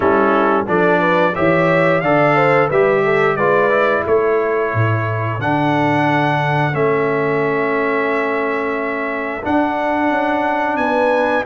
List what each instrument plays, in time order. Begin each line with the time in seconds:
0.00 tuba G3, trombone C#4, horn E4, trumpet A4
0.66 tuba F3, trombone D4, horn A4, trumpet D5
1.00 horn B4
1.35 tuba E3, trombone G4, horn C#5, trumpet E5
2.00 tuba D3, trombone A4, horn D5, trumpet F5
2.36 horn C5
2.68 tuba G3, trombone G4, horn B4, trumpet E5
3.04 horn A4
3.35 tuba G#3, trombone F4, horn B4, trumpet D5
3.70 trombone E4
4.03 tuba A3, horn A4, trumpet C#5
4.74 tuba A2
5.38 tuba D3, trombone D4, trumpet F#5
6.72 tuba A3, trombone C#4, trumpet E5
9.42 trombone D4, tuba D4, trumpet F#5
10.10 tuba C#4
10.76 tuba B3, horn B4, trumpet G#5